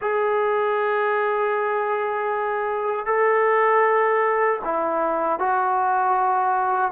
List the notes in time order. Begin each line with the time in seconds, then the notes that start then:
0.01 G#4
3.06 A4
4.64 E4
5.39 F#4